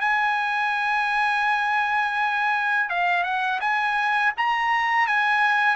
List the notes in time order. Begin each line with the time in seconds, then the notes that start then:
0.00 G#5
2.89 F5
3.23 F#5
3.60 G#5
4.37 A#5
5.07 G#5